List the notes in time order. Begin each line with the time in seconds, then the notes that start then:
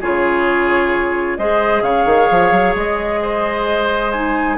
0.00 C#3 F4 G#4 C#5
1.37 G#3 G#4 C5 D#5
1.81 C#3 C#5 F5
2.05 D#3
2.30 F3
2.51 F#3
2.75 G#3 D#5
3.21 C5
4.12 D#4 G#5